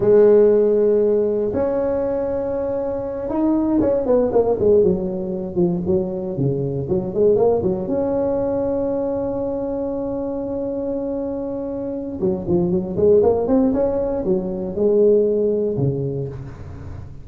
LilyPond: \new Staff \with { instrumentName = "tuba" } { \time 4/4 \tempo 4 = 118 gis2. cis'4~ | cis'2~ cis'8 dis'4 cis'8 | b8 ais8 gis8 fis4. f8 fis8~ | fis8 cis4 fis8 gis8 ais8 fis8 cis'8~ |
cis'1~ | cis'1 | fis8 f8 fis8 gis8 ais8 c'8 cis'4 | fis4 gis2 cis4 | }